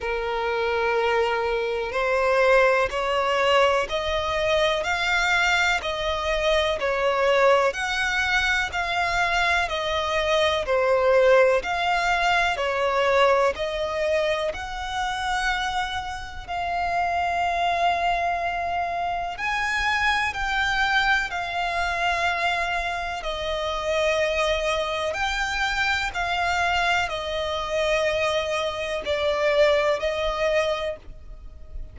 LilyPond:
\new Staff \with { instrumentName = "violin" } { \time 4/4 \tempo 4 = 62 ais'2 c''4 cis''4 | dis''4 f''4 dis''4 cis''4 | fis''4 f''4 dis''4 c''4 | f''4 cis''4 dis''4 fis''4~ |
fis''4 f''2. | gis''4 g''4 f''2 | dis''2 g''4 f''4 | dis''2 d''4 dis''4 | }